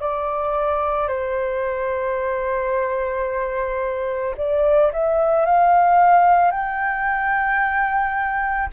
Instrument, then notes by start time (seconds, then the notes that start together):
flute
0.00 D5
1.08 C5
4.37 D5
4.92 E5
5.45 F5
6.51 G5